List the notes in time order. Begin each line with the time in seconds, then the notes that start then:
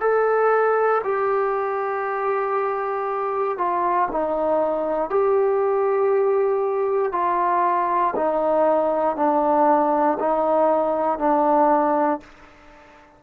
0.00 A4
1.04 G4
3.58 F4
4.11 D#4
5.10 G4
7.12 F4
8.16 D#4
9.16 D4
10.20 D#4
11.19 D4